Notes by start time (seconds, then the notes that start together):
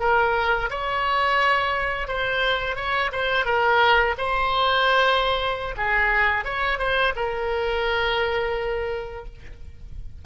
0.00 A#4
0.70 C#5
2.08 C5
2.76 C#5
3.12 C5
3.45 A#4
4.18 C5
5.77 G#4
6.45 C#5
6.79 C5
7.16 A#4